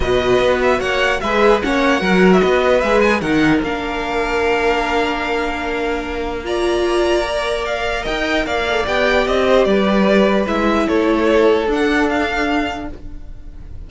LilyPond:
<<
  \new Staff \with { instrumentName = "violin" } { \time 4/4 \tempo 4 = 149 dis''4. e''8 fis''4 e''4 | fis''4.~ fis''16 e''16 dis''4 e''8 gis''8 | fis''4 f''2.~ | f''1 |
ais''2. f''4 | g''4 f''4 g''4 dis''4 | d''2 e''4 cis''4~ | cis''4 fis''4 f''2 | }
  \new Staff \with { instrumentName = "violin" } { \time 4/4 b'2 cis''4 b'4 | cis''4 ais'4 b'2 | ais'1~ | ais'1 |
d''1 | dis''4 d''2~ d''8 c''8 | b'2. a'4~ | a'1 | }
  \new Staff \with { instrumentName = "viola" } { \time 4/4 fis'2. gis'4 | cis'4 fis'2 gis'4 | dis'4 d'2.~ | d'1 |
f'2 ais'2~ | ais'4. a'8 g'2~ | g'2 e'2~ | e'4 d'2. | }
  \new Staff \with { instrumentName = "cello" } { \time 4/4 b,4 b4 ais4 gis4 | ais4 fis4 b4 gis4 | dis4 ais2.~ | ais1~ |
ais1 | dis'4 ais4 b4 c'4 | g2 gis4 a4~ | a4 d'2. | }
>>